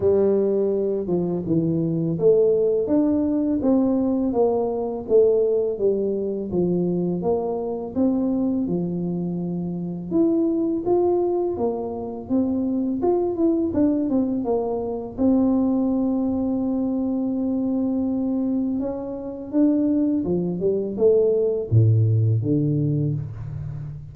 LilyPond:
\new Staff \with { instrumentName = "tuba" } { \time 4/4 \tempo 4 = 83 g4. f8 e4 a4 | d'4 c'4 ais4 a4 | g4 f4 ais4 c'4 | f2 e'4 f'4 |
ais4 c'4 f'8 e'8 d'8 c'8 | ais4 c'2.~ | c'2 cis'4 d'4 | f8 g8 a4 a,4 d4 | }